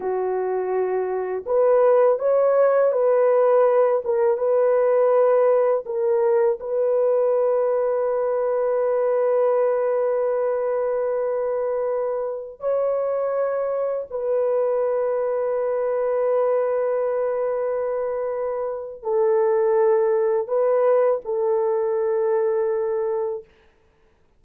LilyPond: \new Staff \with { instrumentName = "horn" } { \time 4/4 \tempo 4 = 82 fis'2 b'4 cis''4 | b'4. ais'8 b'2 | ais'4 b'2.~ | b'1~ |
b'4~ b'16 cis''2 b'8.~ | b'1~ | b'2 a'2 | b'4 a'2. | }